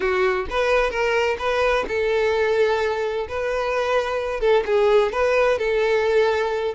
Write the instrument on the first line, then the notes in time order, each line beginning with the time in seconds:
violin
0.00 F#4
0.50 B4
0.90 A#4
1.38 B4
1.87 A4
3.28 B4
4.40 A4
4.66 G#4
5.12 B4
5.58 A4